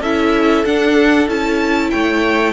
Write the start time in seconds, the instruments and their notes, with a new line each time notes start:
0.00 cello C#4, viola E4, violin A4 E5
0.64 viola D4, cello D4, violin F#5
1.27 cello C#4, viola E4, violin A5
1.90 cello A3, violin C#5 G5